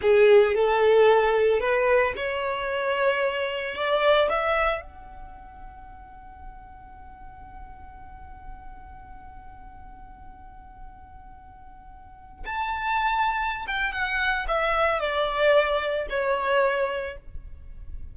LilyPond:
\new Staff \with { instrumentName = "violin" } { \time 4/4 \tempo 4 = 112 gis'4 a'2 b'4 | cis''2. d''4 | e''4 fis''2.~ | fis''1~ |
fis''1~ | fis''2.~ fis''16 a''8.~ | a''4. g''8 fis''4 e''4 | d''2 cis''2 | }